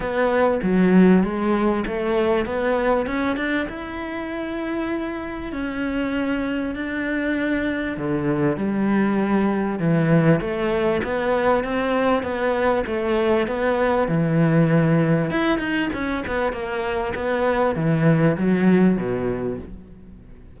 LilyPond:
\new Staff \with { instrumentName = "cello" } { \time 4/4 \tempo 4 = 98 b4 fis4 gis4 a4 | b4 cis'8 d'8 e'2~ | e'4 cis'2 d'4~ | d'4 d4 g2 |
e4 a4 b4 c'4 | b4 a4 b4 e4~ | e4 e'8 dis'8 cis'8 b8 ais4 | b4 e4 fis4 b,4 | }